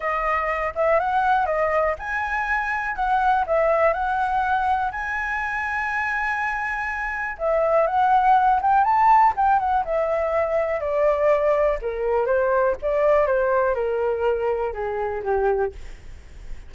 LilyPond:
\new Staff \with { instrumentName = "flute" } { \time 4/4 \tempo 4 = 122 dis''4. e''8 fis''4 dis''4 | gis''2 fis''4 e''4 | fis''2 gis''2~ | gis''2. e''4 |
fis''4. g''8 a''4 g''8 fis''8 | e''2 d''2 | ais'4 c''4 d''4 c''4 | ais'2 gis'4 g'4 | }